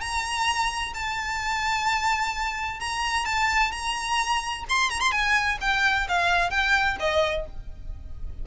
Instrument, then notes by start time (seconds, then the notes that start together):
violin
0.00 A#5
0.94 A5
2.79 A#5
3.25 A5
3.71 A#5
4.69 C6
4.90 A#5
5.00 C6
5.11 G#5
5.61 G5
6.08 F5
6.50 G5
6.99 D#5